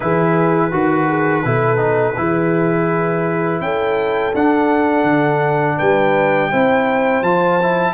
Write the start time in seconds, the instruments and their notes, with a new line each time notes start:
0.00 tuba E3, trombone E4, horn G#4, trumpet B4
0.71 tuba D#3, horn F#4, trombone F#4
1.08 horn G#4
1.45 tuba B2, trombone E4, horn A4
1.77 trombone D#4
2.16 tuba E3, trombone E4, horn G#4
3.60 tuba C#4, horn A4, trumpet G5
4.34 tuba D4, trombone D4, trumpet F#5
5.03 tuba D3
5.77 tuba G3, horn B4, trumpet G5
6.50 tuba C4, trombone E4, horn C5
7.21 tuba F3, trombone F4, trumpet A5
7.62 trombone E4